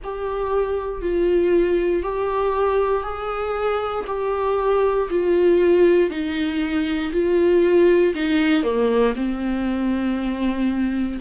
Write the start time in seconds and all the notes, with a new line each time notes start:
0.03 G4
1.01 F4
2.02 G4
3.03 G#4
4.07 G4
5.10 F4
6.10 D#4
7.12 F4
8.14 D#4
8.63 A#3
9.15 C4